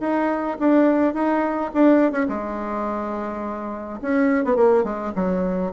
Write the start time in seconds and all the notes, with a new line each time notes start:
0.00 D#4
0.59 D4
1.14 D#4
1.74 D4
2.12 C#4
2.28 G#3
4.02 C#4
4.44 B3
4.56 A#3
4.84 G#3
5.15 F#3